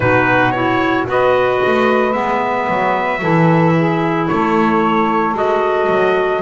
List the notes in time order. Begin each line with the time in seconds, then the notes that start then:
0.00 B2 D#4 F#4 B4
0.51 E4 C#5
1.06 B3 F#4 B4 D#5
1.66 A3
2.12 G#3 B3 E5
2.68 F#3
3.21 E3 E4 A4
3.75 G#4
4.27 A3 A4 C#5
5.34 G#3 F#4 D#5
5.88 F#3